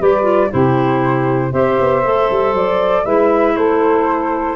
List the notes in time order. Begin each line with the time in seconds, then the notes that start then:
0.00 G3 G4 B4 D5
0.23 F4
0.51 C3 E4 G4 C5
1.52 C4 G4 C5 E5
1.80 B3
2.04 A3 A4
2.31 G3
2.54 F#3 D5
3.04 G#3 E4 B4 E5
3.56 A3 A4 C5